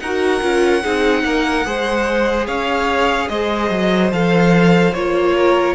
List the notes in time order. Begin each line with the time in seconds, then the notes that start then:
0.00 D#4 F#4 A#4 F#5
0.41 C#4 F4
0.83 C4 D#4 G#4
1.24 A#3 A#4
1.65 G#3 G#4 C5
2.47 C#4 C#5 F5
3.29 G#3 C5 D#5
3.70 F#3
4.12 F3 A4 F5
4.94 A#3 F4 C#5
5.36 A#4